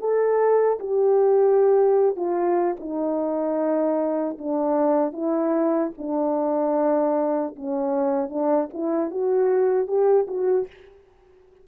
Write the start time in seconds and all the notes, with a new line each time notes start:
0.00 A4
0.80 G4
2.17 F4
2.80 D#4
4.39 D4
5.13 E4
5.98 D4
7.56 C#4
8.29 D4
8.73 E4
9.11 F#4
9.88 G4
10.28 F#4